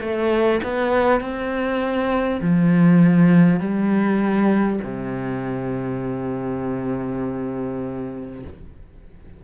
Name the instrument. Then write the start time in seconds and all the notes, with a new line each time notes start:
cello
0.00 A3
0.63 B3
1.20 C4
2.41 F3
3.59 G3
4.83 C3